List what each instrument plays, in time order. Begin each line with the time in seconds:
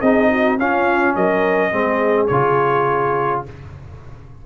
0.00 tuba C4, trombone D#4, horn G#4, trumpet D#5
0.30 horn F#4
0.58 tuba C#4, trombone C#4, horn F4, trumpet F5
1.15 tuba F#3, horn A#4, trumpet D#5
1.71 tuba G#3, trombone C4, horn G#4
2.27 tuba C#3, trombone F4, trumpet C#5